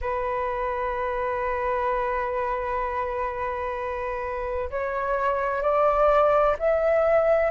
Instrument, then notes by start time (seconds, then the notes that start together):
flute
0.01 B4
4.70 C#5
5.62 D5
6.58 E5